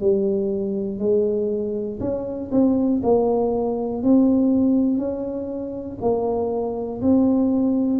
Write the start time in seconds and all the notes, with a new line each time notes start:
0.00 G3
0.99 G#3
2.00 C#4
2.51 C4
3.03 A#3
4.02 C4
4.97 C#4
6.00 A#3
7.01 C4